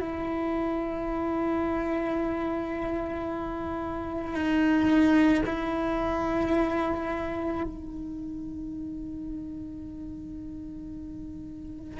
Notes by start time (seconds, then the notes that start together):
0.00 E4
4.34 D#4
5.46 E4
7.64 D#4